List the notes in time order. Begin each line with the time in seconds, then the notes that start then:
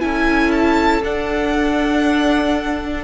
0.00 C#4 E4 A4 G#5
0.51 A5
1.03 D4 F#5